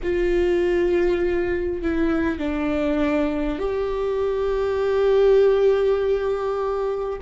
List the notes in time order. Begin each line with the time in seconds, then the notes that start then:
0.02 F4
1.82 E4
2.38 D4
3.58 G4